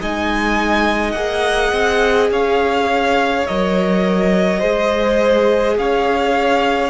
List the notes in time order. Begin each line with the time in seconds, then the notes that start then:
0.00 G#3 D#4 D#5 G#5
1.12 A#3 G#4 F#5
1.72 C4
2.30 C#4 C#5 F5
3.47 F#3 A#4 D#5
4.59 G#3 G#4 C5
5.78 C#4 C#5 F5